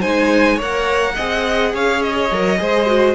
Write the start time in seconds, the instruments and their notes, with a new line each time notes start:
0.00 cello G#3, viola D#4, violin C5 G#5
0.56 cello A#3, viola A#4, violin C#5 F#5
1.15 cello C4, viola G#4, violin D#5
1.73 cello C#4, violin C#5 F5
2.02 violin D#5
2.31 cello F#3, viola A#4
2.58 cello G#3, viola G#4, violin C5
2.86 viola F#4